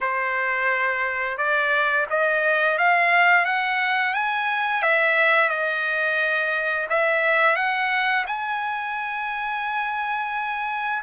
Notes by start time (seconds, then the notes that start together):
0.00 C5
1.37 D5
2.10 D#5
2.78 F5
3.45 F#5
4.14 G#5
4.82 E5
5.49 D#5
6.89 E5
7.55 F#5
8.26 G#5